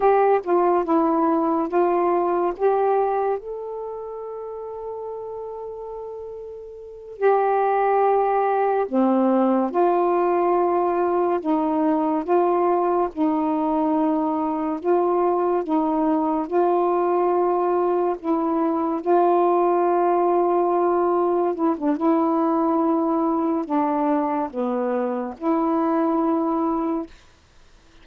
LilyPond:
\new Staff \with { instrumentName = "saxophone" } { \time 4/4 \tempo 4 = 71 g'8 f'8 e'4 f'4 g'4 | a'1~ | a'8 g'2 c'4 f'8~ | f'4. dis'4 f'4 dis'8~ |
dis'4. f'4 dis'4 f'8~ | f'4. e'4 f'4.~ | f'4. e'16 d'16 e'2 | d'4 b4 e'2 | }